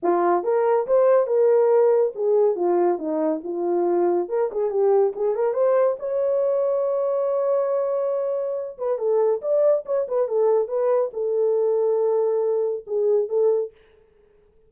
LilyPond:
\new Staff \with { instrumentName = "horn" } { \time 4/4 \tempo 4 = 140 f'4 ais'4 c''4 ais'4~ | ais'4 gis'4 f'4 dis'4 | f'2 ais'8 gis'8 g'4 | gis'8 ais'8 c''4 cis''2~ |
cis''1~ | cis''8 b'8 a'4 d''4 cis''8 b'8 | a'4 b'4 a'2~ | a'2 gis'4 a'4 | }